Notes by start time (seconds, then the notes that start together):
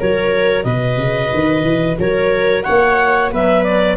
0.00 F#3 F#4 A#4 C#5
0.64 B2 B4 D#5
0.97 C#3
1.34 D#3
1.63 E3
1.99 F#3 A#4 C#5
2.63 A#3 C#5 F#5
3.32 F#3 B3 B4 E5
3.64 D5